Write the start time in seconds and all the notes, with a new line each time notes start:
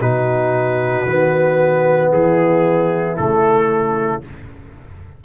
0.00 B2 D#4 F#4 B4
1.06 D#3 B3
2.12 E3 E4 G#4
3.16 C#3 A3 A4